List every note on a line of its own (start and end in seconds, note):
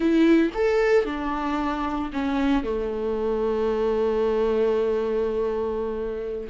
0.00 0.50 E4
0.54 1.05 A4
1.05 2.11 D4
2.12 2.63 C#4
2.63 6.48 A3